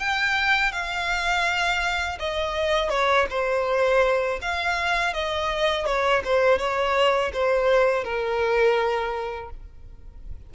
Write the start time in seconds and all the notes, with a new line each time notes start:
0.00 G5
0.73 F5
2.20 D#5
2.90 C#5
3.30 C5
4.42 F5
5.14 D#5
5.86 C#5
6.25 C5
6.59 C#5
7.33 C5
8.04 A#4